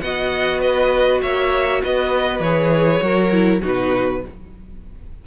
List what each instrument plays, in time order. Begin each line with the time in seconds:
0.00 cello B3, viola F#4, violin D#5 F#5
0.61 violin B4 D#5
1.22 cello A#3, violin C#5 E5
1.83 cello B3, violin B4 D#5
2.40 cello E3, viola G#4, violin C#5
3.01 cello F#3, viola F#4, violin A#4
3.32 viola E4
3.62 cello B2, viola D#4, violin F#4 B4